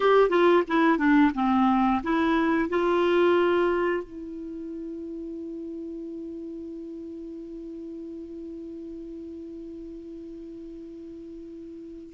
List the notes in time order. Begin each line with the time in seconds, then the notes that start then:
0.00 G4
0.29 F4
0.67 E4
0.98 D4
1.34 C4
2.03 E4
2.69 F4
4.03 E4